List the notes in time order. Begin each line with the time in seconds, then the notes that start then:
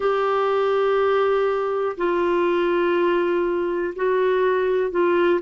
0.00 G4
1.97 F4
3.95 F#4
4.90 F4